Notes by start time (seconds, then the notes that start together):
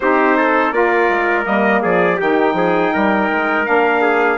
0.00 C4 D#4 G4 C5
0.37 A4
0.71 A#3 F4 A#4 D5
1.09 G#3
1.42 G3 A#3 D#5
1.82 F3 G#4 D5
2.16 D#3 G4 G5
2.24 D#4
2.53 F3 G#4
2.93 G3 A#4
3.30 G#3
3.65 A#3 D4 F5
4.01 G#4